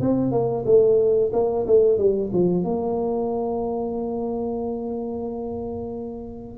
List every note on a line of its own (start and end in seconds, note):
0.00 0.31 C4
0.31 0.64 A#3
0.65 1.31 A3
1.33 1.66 A#3
1.67 1.98 A3
1.98 2.31 G3
2.33 2.64 F3
2.64 6.58 A#3